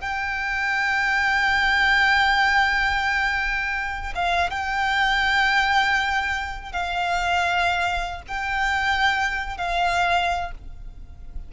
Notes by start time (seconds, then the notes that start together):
0.00 G5
4.15 F5
4.50 G5
6.72 F5
8.27 G5
9.57 F5